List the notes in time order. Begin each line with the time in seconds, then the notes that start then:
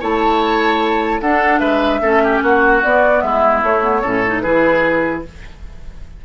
0.00 A3 E4 C#5 A5
1.21 D4 A4 F#5
1.58 G#3 B4 E5
2.01 A3 C#4 A4
2.24 G4
2.42 A#3 F#4 F#5
2.83 B3 D5
3.21 G#3 E4 E5
3.62 A3 C#5
3.83 B3
4.01 A2 C#4 A4
4.26 D#4
4.41 E3 E4 G#4 B4